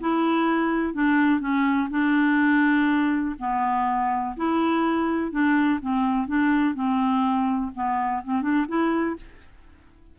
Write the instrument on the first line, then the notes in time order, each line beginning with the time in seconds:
clarinet
0.00 E4
0.94 D4
1.40 C#4
1.90 D4
3.39 B3
4.36 E4
5.31 D4
5.81 C4
6.27 D4
6.75 C4
7.74 B3
8.24 C4
8.42 D4
8.67 E4